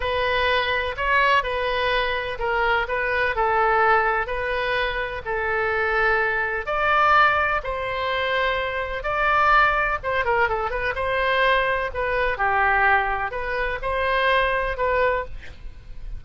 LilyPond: \new Staff \with { instrumentName = "oboe" } { \time 4/4 \tempo 4 = 126 b'2 cis''4 b'4~ | b'4 ais'4 b'4 a'4~ | a'4 b'2 a'4~ | a'2 d''2 |
c''2. d''4~ | d''4 c''8 ais'8 a'8 b'8 c''4~ | c''4 b'4 g'2 | b'4 c''2 b'4 | }